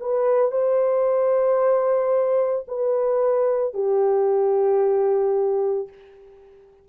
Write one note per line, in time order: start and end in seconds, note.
0.00 0.51 B4
0.51 2.65 C5
2.68 3.74 B4
3.74 5.88 G4